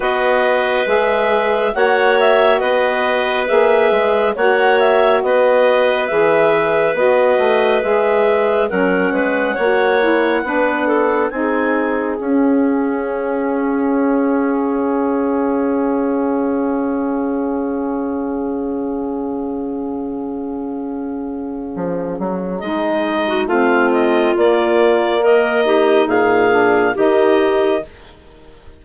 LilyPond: <<
  \new Staff \with { instrumentName = "clarinet" } { \time 4/4 \tempo 4 = 69 dis''4 e''4 fis''8 e''8 dis''4 | e''4 fis''8 e''8 dis''4 e''4 | dis''4 e''4 fis''2~ | fis''4 gis''4 f''2~ |
f''1~ | f''1~ | f''2 dis''4 f''8 dis''8 | d''4 dis''4 f''4 dis''4 | }
  \new Staff \with { instrumentName = "clarinet" } { \time 4/4 b'2 cis''4 b'4~ | b'4 cis''4 b'2~ | b'2 ais'8 b'8 cis''4 | b'8 a'8 gis'2.~ |
gis'1~ | gis'1~ | gis'2~ gis'8. fis'16 f'4~ | f'4 ais'8 g'8 gis'4 g'4 | }
  \new Staff \with { instrumentName = "saxophone" } { \time 4/4 fis'4 gis'4 fis'2 | gis'4 fis'2 gis'4 | fis'4 gis'4 cis'4 fis'8 e'8 | d'4 dis'4 cis'2~ |
cis'1~ | cis'1~ | cis'2 dis'4 c'4 | ais4. dis'4 d'8 dis'4 | }
  \new Staff \with { instrumentName = "bassoon" } { \time 4/4 b4 gis4 ais4 b4 | ais8 gis8 ais4 b4 e4 | b8 a8 gis4 fis8 gis8 ais4 | b4 c'4 cis'2~ |
cis'4 cis2.~ | cis1~ | cis4 f8 fis8 gis4 a4 | ais2 ais,4 dis4 | }
>>